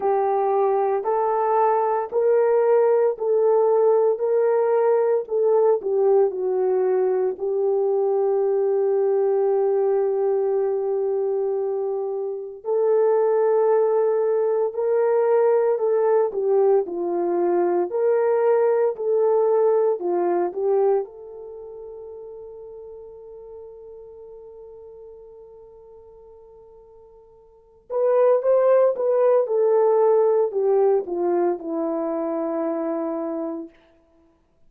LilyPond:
\new Staff \with { instrumentName = "horn" } { \time 4/4 \tempo 4 = 57 g'4 a'4 ais'4 a'4 | ais'4 a'8 g'8 fis'4 g'4~ | g'1 | a'2 ais'4 a'8 g'8 |
f'4 ais'4 a'4 f'8 g'8 | a'1~ | a'2~ a'8 b'8 c''8 b'8 | a'4 g'8 f'8 e'2 | }